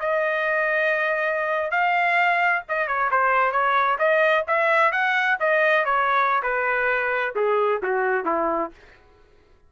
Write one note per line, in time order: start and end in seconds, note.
0.00 1.71 D#5
1.71 2.63 F5
2.69 2.88 D#5
2.88 3.11 C#5
3.11 3.52 C5
3.52 3.98 C#5
3.99 4.45 D#5
4.48 4.92 E5
4.92 5.38 F#5
5.40 5.85 D#5
5.85 6.42 C#5
6.43 7.35 B4
7.36 7.82 G#4
7.83 8.26 F#4
8.26 8.71 E4